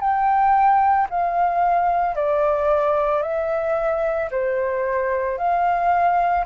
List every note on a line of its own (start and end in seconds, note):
0.00 1.07 G5
1.09 2.15 F5
2.15 3.22 D5
3.22 4.29 E5
4.31 5.38 C5
5.38 6.45 F5